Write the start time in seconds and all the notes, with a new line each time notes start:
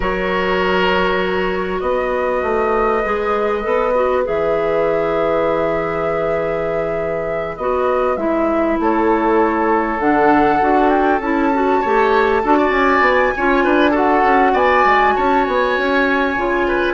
0.00 F#3 F#4 A#4 C#5
1.79 B3 B4 D#5
2.42 A3
3.03 G#3 G#4
3.62 B3 A4
3.94 F#4
4.23 E3 G#4 E5
7.56 B3 F#4 D#5
8.16 G#3 E4 E5
8.79 A3 A4 C#5
9.99 D3 D4 F#5
10.59 D4 F#4
10.89 G5
11.19 C#4 E4 A5
11.53 F#4
11.81 A3 G4 C#5
12.43 D4 F#4 A4
12.57 D5
12.69 C#4 G#5
13.00 B3
13.36 C#4 F4 C#5
13.64 D4 B4
13.91 F#4 A4 F#5
14.23 C#4
14.53 B3 D5 G#5
14.84 G#3
15.16 C#4 C#5 A5
15.44 B3 G#5
15.77 C#4
16.36 C#3 F4
16.67 B4